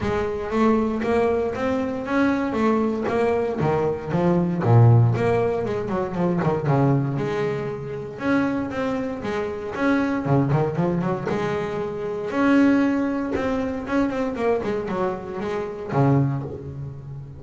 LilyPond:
\new Staff \with { instrumentName = "double bass" } { \time 4/4 \tempo 4 = 117 gis4 a4 ais4 c'4 | cis'4 a4 ais4 dis4 | f4 ais,4 ais4 gis8 fis8 | f8 dis8 cis4 gis2 |
cis'4 c'4 gis4 cis'4 | cis8 dis8 f8 fis8 gis2 | cis'2 c'4 cis'8 c'8 | ais8 gis8 fis4 gis4 cis4 | }